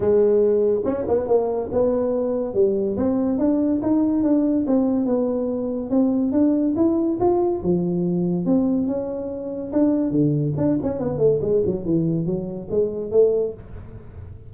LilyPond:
\new Staff \with { instrumentName = "tuba" } { \time 4/4 \tempo 4 = 142 gis2 cis'8 b8 ais4 | b2 g4 c'4 | d'4 dis'4 d'4 c'4 | b2 c'4 d'4 |
e'4 f'4 f2 | c'4 cis'2 d'4 | d4 d'8 cis'8 b8 a8 gis8 fis8 | e4 fis4 gis4 a4 | }